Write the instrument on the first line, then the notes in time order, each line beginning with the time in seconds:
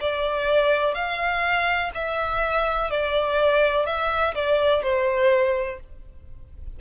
violin
0.00 D5
0.94 F5
1.94 E5
2.90 D5
3.86 E5
4.34 D5
4.83 C5